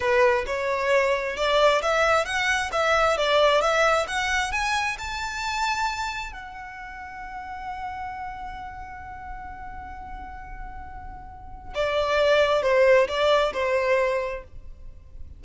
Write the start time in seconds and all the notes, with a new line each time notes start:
0.00 B4
0.46 C#5
1.36 D5
1.81 E5
2.25 F#5
2.71 E5
3.17 D5
3.61 E5
4.07 F#5
4.52 G#5
4.98 A5
6.32 F#5
11.74 D5
12.62 C5
13.07 D5
13.53 C5